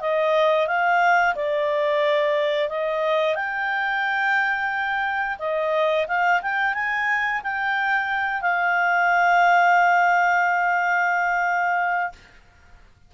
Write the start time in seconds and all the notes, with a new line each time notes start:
0.00 D#5
0.67 F5
1.35 D5
2.69 D#5
3.35 G5
5.39 D#5
6.07 F5
6.42 G5
6.74 G#5
7.43 G5
8.41 F5